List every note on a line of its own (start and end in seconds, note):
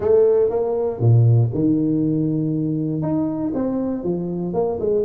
0.00 0.49 A3
0.49 0.99 A#3
0.99 1.50 A#2
1.54 3.02 D#3
3.02 3.52 D#4
3.54 4.03 C4
4.03 4.53 F3
4.53 4.78 A#3
4.79 5.05 G#3